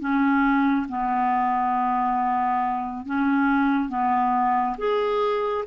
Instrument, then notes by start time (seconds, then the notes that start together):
clarinet
0.00 C#4
0.89 B3
3.06 C#4
3.89 B3
4.78 G#4